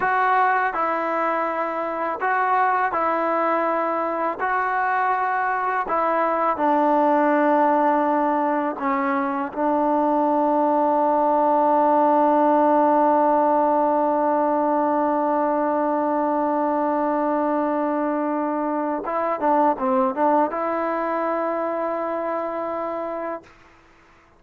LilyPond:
\new Staff \with { instrumentName = "trombone" } { \time 4/4 \tempo 4 = 82 fis'4 e'2 fis'4 | e'2 fis'2 | e'4 d'2. | cis'4 d'2.~ |
d'1~ | d'1~ | d'2 e'8 d'8 c'8 d'8 | e'1 | }